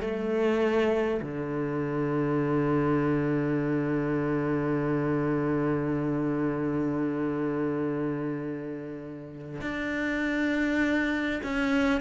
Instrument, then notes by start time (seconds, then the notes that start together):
cello
0.00 A3
1.21 D3
9.61 D4
11.43 C#4